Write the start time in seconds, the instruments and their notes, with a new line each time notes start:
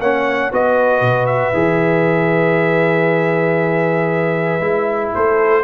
0.00 tuba A#3, trombone C#4, horn C#5, trumpet F#5
0.52 tuba B3, trombone F#4, horn B4, trumpet D#5
1.01 tuba B2
1.26 trumpet E5
1.54 tuba E3, trombone G#4
4.60 tuba G#3, trombone E4
5.15 tuba A3, horn A4, trumpet C5